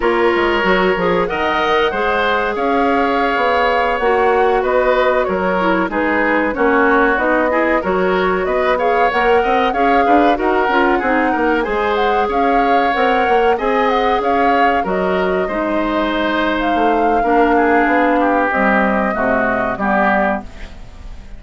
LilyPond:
<<
  \new Staff \with { instrumentName = "flute" } { \time 4/4 \tempo 4 = 94 cis''2 fis''2 | f''2~ f''16 fis''4 dis''8.~ | dis''16 cis''4 b'4 cis''4 dis''8.~ | dis''16 cis''4 dis''8 f''8 fis''4 f''8.~ |
f''16 fis''2 gis''8 fis''8 f''8.~ | f''16 fis''4 gis''8 fis''8 f''4 dis''8.~ | dis''2 f''2~ | f''4 dis''2 d''4 | }
  \new Staff \with { instrumentName = "oboe" } { \time 4/4 ais'2 dis''4 c''4 | cis''2.~ cis''16 b'8.~ | b'16 ais'4 gis'4 fis'4. gis'16~ | gis'16 ais'4 b'8 cis''4 dis''8 cis''8 b'16~ |
b'16 ais'4 gis'8 ais'8 c''4 cis''8.~ | cis''4~ cis''16 dis''4 cis''4 ais'8.~ | ais'16 c''2~ c''8. ais'8 gis'8~ | gis'8 g'4. fis'4 g'4 | }
  \new Staff \with { instrumentName = "clarinet" } { \time 4/4 f'4 fis'8 gis'8 ais'4 gis'4~ | gis'2~ gis'16 fis'4.~ fis'16~ | fis'8. e'8 dis'4 cis'4 dis'8 e'16~ | e'16 fis'4. gis'8 ais'4 gis'8.~ |
gis'16 fis'8 f'8 dis'4 gis'4.~ gis'16~ | gis'16 ais'4 gis'2 fis'8.~ | fis'16 dis'2~ dis'8. d'4~ | d'4 g4 a4 b4 | }
  \new Staff \with { instrumentName = "bassoon" } { \time 4/4 ais8 gis8 fis8 f8 dis4 gis4 | cis'4~ cis'16 b4 ais4 b8.~ | b16 fis4 gis4 ais4 b8.~ | b16 fis4 b4 ais8 c'8 cis'8 d'16~ |
d'16 dis'8 cis'8 c'8 ais8 gis4 cis'8.~ | cis'16 c'8 ais8 c'4 cis'4 fis8.~ | fis16 gis2 a8. ais4 | b4 c'4 c4 g4 | }
>>